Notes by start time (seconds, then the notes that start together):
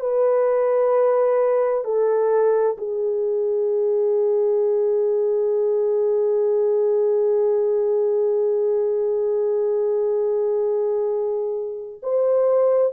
0.00 B4
1.84 A4
2.78 G#4
12.03 C5